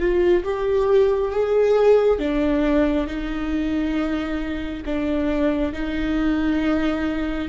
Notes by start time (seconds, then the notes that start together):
0.00 F4
0.44 G4
1.32 G#4
2.19 D4
3.07 D#4
4.86 D4
5.74 D#4